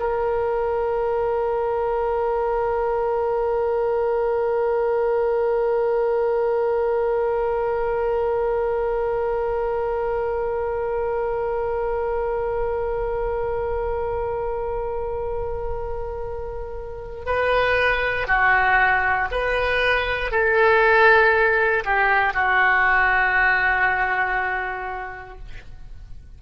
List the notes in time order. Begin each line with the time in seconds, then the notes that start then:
0.00 A#4
17.26 B4
18.28 F#4
19.31 B4
20.32 A4
21.85 G4
22.34 F#4